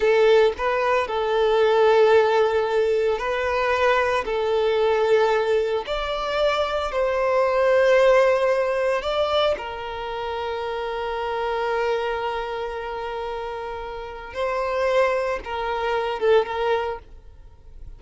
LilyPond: \new Staff \with { instrumentName = "violin" } { \time 4/4 \tempo 4 = 113 a'4 b'4 a'2~ | a'2 b'2 | a'2. d''4~ | d''4 c''2.~ |
c''4 d''4 ais'2~ | ais'1~ | ais'2. c''4~ | c''4 ais'4. a'8 ais'4 | }